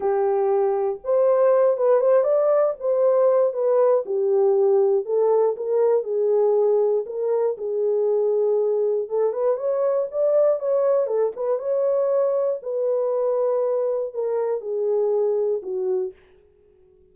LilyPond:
\new Staff \with { instrumentName = "horn" } { \time 4/4 \tempo 4 = 119 g'2 c''4. b'8 | c''8 d''4 c''4. b'4 | g'2 a'4 ais'4 | gis'2 ais'4 gis'4~ |
gis'2 a'8 b'8 cis''4 | d''4 cis''4 a'8 b'8 cis''4~ | cis''4 b'2. | ais'4 gis'2 fis'4 | }